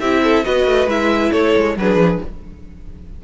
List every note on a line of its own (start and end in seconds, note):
0.00 0.45 C4
0.00 0.44 E4
0.00 0.22 G4
0.00 0.45 E5
0.23 0.45 A4
0.44 0.66 B3
0.44 0.88 F#4
0.44 1.31 B4
0.44 0.89 D#5
0.66 0.87 A3
0.87 1.31 G#3
0.87 1.77 E4
0.87 1.32 E5
1.31 1.55 A3
1.31 1.75 A4
1.31 1.76 C#5
1.56 1.76 G#3
1.76 1.96 F#3
1.76 2.24 D4
1.76 2.24 G#4
1.76 2.23 B4
1.96 2.18 F3